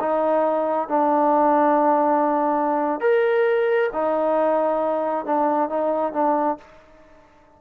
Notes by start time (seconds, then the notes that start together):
0.00 D#4
0.88 D4
3.00 A#4
3.93 D#4
5.26 D4
5.69 D#4
6.13 D4